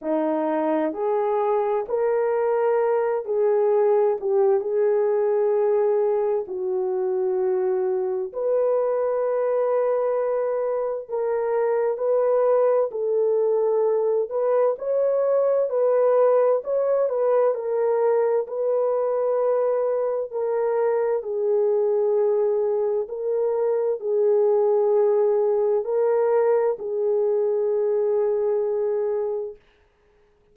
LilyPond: \new Staff \with { instrumentName = "horn" } { \time 4/4 \tempo 4 = 65 dis'4 gis'4 ais'4. gis'8~ | gis'8 g'8 gis'2 fis'4~ | fis'4 b'2. | ais'4 b'4 a'4. b'8 |
cis''4 b'4 cis''8 b'8 ais'4 | b'2 ais'4 gis'4~ | gis'4 ais'4 gis'2 | ais'4 gis'2. | }